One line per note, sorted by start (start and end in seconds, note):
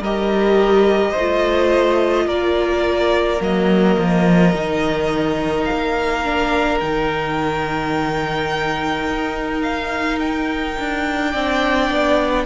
0.00 1.13 G3
0.00 1.18 G4
0.00 1.11 A#4
0.00 2.29 D#5
1.11 2.24 C5
1.17 2.27 A3
1.17 3.39 F4
2.27 3.40 A#3
2.27 11.31 A#4
2.27 3.42 D5
3.39 3.97 F#3
3.39 4.52 A#3
3.39 5.65 D#5
3.99 4.54 F3
4.54 5.68 D#3
4.54 6.24 D#4
5.65 6.78 F5
5.72 6.81 A#3
6.24 6.81 D4
6.80 9.08 D#3
6.80 11.34 D#4
6.80 9.62 G5
9.08 10.77 D#4
9.62 10.19 F5
10.20 12.46 G5
10.79 11.34 D4
11.31 11.90 C4
11.31 12.46 D4
11.31 12.44 D5
11.90 12.46 B3